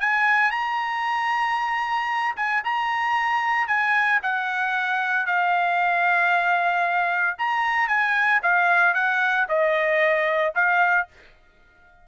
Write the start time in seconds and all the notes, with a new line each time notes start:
0.00 G#5
0.51 A#5
2.36 G#5
2.64 A#5
3.67 G#5
4.22 F#5
5.26 F5
7.38 A#5
7.88 G#5
8.42 F5
8.94 F#5
9.48 D#5
10.55 F5